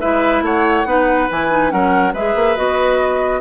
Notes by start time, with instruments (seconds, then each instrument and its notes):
0.00 bassoon G#3, clarinet E4, oboe B4, flute E5
0.41 bassoon A3, oboe C#5, flute F#5
0.85 bassoon B3, clarinet D#4, oboe B4
1.30 bassoon E3, clarinet E4, flute G#5
1.50 clarinet D#4
1.69 bassoon F#3, clarinet C#4, oboe A#4, flute F#5
2.13 bassoon G#3, clarinet G#4, oboe B4, flute E5
2.35 bassoon A#3
2.55 bassoon B3, clarinet F#4, flute D#5